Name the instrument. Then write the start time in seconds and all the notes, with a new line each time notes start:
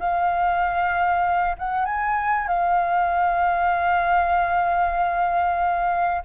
flute
0.00 F5
1.59 F#5
1.86 G#5
2.48 F5